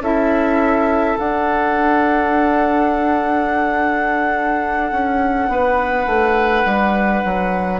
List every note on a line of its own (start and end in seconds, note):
0.00 1.15 C#4
0.00 1.19 E4
0.00 5.51 A4
0.00 1.18 E5
1.19 7.80 D4
1.19 4.91 D4
1.19 7.80 F#5
4.91 5.48 C#4
5.48 6.06 B3
5.48 7.80 B4
6.06 6.64 A3
6.65 7.23 G3
7.25 7.80 F#3